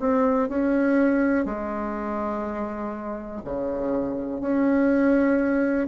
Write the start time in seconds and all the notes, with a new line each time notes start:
0.00 C4
0.49 C#4
1.45 G#3
3.45 C#3
4.41 C#4